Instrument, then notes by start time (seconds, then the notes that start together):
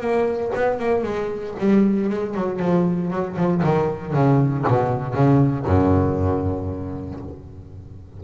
double bass
0.00 A#3
0.54 B3
0.79 A#3
1.03 G#3
1.59 G3
2.09 G#3
2.34 F#3
2.59 F3
3.10 F#3
3.36 F3
3.63 D#3
4.13 C#3
4.67 B2
5.14 C#3
5.66 F#2